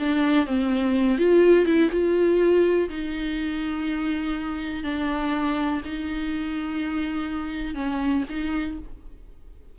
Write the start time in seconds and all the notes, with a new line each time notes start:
0.00 D4
0.47 C4
1.18 F4
1.66 E4
1.91 F4
2.89 D#4
4.84 D4
5.85 D#4
7.75 C#4
8.30 D#4